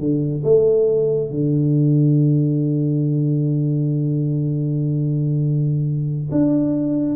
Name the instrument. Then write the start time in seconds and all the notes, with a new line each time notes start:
tuba
0.00 D3
0.44 A3
1.31 D3
6.32 D4